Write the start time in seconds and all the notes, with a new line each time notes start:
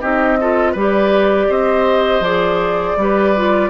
0.00 C4 D#4 G4 D#5
0.40 F4 A4
0.72 G3 G4 B4 D5
1.49 C4 C5 D#5
2.20 F3 G#4 D5
2.96 G3 G4 B4
3.36 F4